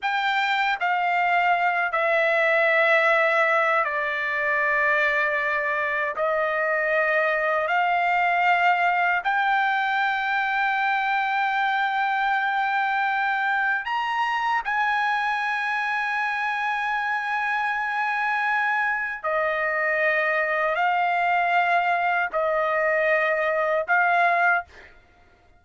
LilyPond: \new Staff \with { instrumentName = "trumpet" } { \time 4/4 \tempo 4 = 78 g''4 f''4. e''4.~ | e''4 d''2. | dis''2 f''2 | g''1~ |
g''2 ais''4 gis''4~ | gis''1~ | gis''4 dis''2 f''4~ | f''4 dis''2 f''4 | }